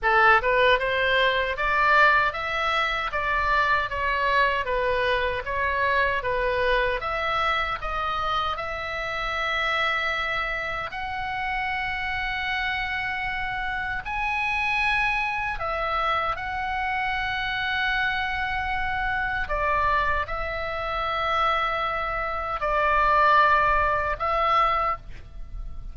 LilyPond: \new Staff \with { instrumentName = "oboe" } { \time 4/4 \tempo 4 = 77 a'8 b'8 c''4 d''4 e''4 | d''4 cis''4 b'4 cis''4 | b'4 e''4 dis''4 e''4~ | e''2 fis''2~ |
fis''2 gis''2 | e''4 fis''2.~ | fis''4 d''4 e''2~ | e''4 d''2 e''4 | }